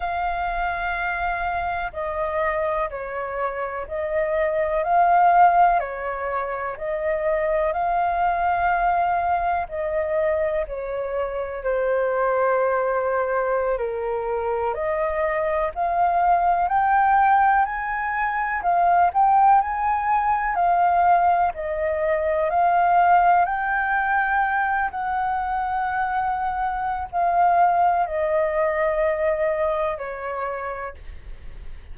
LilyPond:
\new Staff \with { instrumentName = "flute" } { \time 4/4 \tempo 4 = 62 f''2 dis''4 cis''4 | dis''4 f''4 cis''4 dis''4 | f''2 dis''4 cis''4 | c''2~ c''16 ais'4 dis''8.~ |
dis''16 f''4 g''4 gis''4 f''8 g''16~ | g''16 gis''4 f''4 dis''4 f''8.~ | f''16 g''4. fis''2~ fis''16 | f''4 dis''2 cis''4 | }